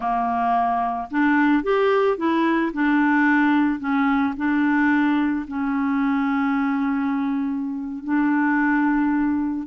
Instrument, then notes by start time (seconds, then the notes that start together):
clarinet
0.00 A#3
1.10 D4
1.63 G4
2.17 E4
2.73 D4
3.79 C#4
4.36 D4
5.47 C#4
8.04 D4